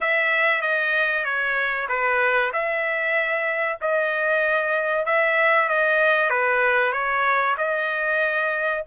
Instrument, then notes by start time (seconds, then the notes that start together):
trumpet
0.00 E5
0.61 D#5
1.24 C#5
1.88 B4
2.52 E5
3.81 D#5
5.05 E5
5.68 D#5
6.30 B4
6.92 C#5
7.57 D#5